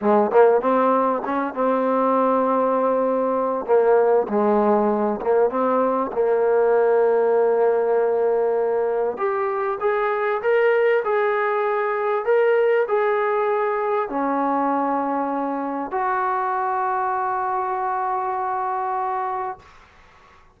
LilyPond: \new Staff \with { instrumentName = "trombone" } { \time 4/4 \tempo 4 = 98 gis8 ais8 c'4 cis'8 c'4.~ | c'2 ais4 gis4~ | gis8 ais8 c'4 ais2~ | ais2. g'4 |
gis'4 ais'4 gis'2 | ais'4 gis'2 cis'4~ | cis'2 fis'2~ | fis'1 | }